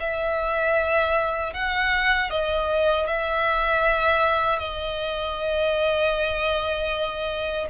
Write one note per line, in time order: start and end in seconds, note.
0.00 1.53 E5
1.53 2.30 F#5
2.30 3.07 D#5
3.07 4.59 E5
4.59 7.67 D#5